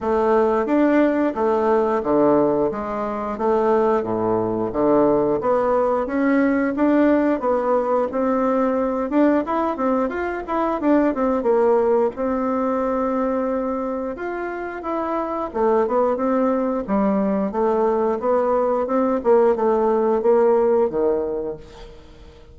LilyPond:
\new Staff \with { instrumentName = "bassoon" } { \time 4/4 \tempo 4 = 89 a4 d'4 a4 d4 | gis4 a4 a,4 d4 | b4 cis'4 d'4 b4 | c'4. d'8 e'8 c'8 f'8 e'8 |
d'8 c'8 ais4 c'2~ | c'4 f'4 e'4 a8 b8 | c'4 g4 a4 b4 | c'8 ais8 a4 ais4 dis4 | }